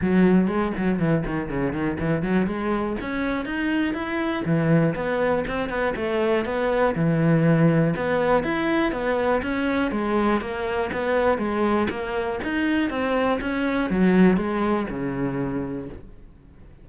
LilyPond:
\new Staff \with { instrumentName = "cello" } { \time 4/4 \tempo 4 = 121 fis4 gis8 fis8 e8 dis8 cis8 dis8 | e8 fis8 gis4 cis'4 dis'4 | e'4 e4 b4 c'8 b8 | a4 b4 e2 |
b4 e'4 b4 cis'4 | gis4 ais4 b4 gis4 | ais4 dis'4 c'4 cis'4 | fis4 gis4 cis2 | }